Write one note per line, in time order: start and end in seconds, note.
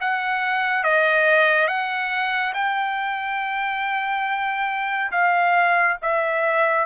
0.00 0.83 F#5
0.83 1.68 D#5
1.68 2.53 F#5
2.54 5.11 G5
5.11 5.97 F5
6.02 6.86 E5